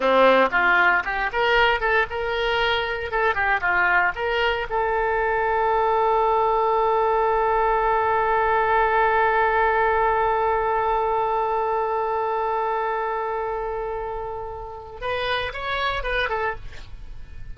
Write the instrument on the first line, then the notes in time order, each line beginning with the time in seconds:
oboe
0.00 C4
0.51 F4
1.04 G4
1.32 A#4
1.80 A4
2.10 A#4
3.11 A4
3.34 G4
3.60 F4
4.15 A#4
4.69 A4
15.00 B4
15.53 C#5
16.03 B4
16.29 A4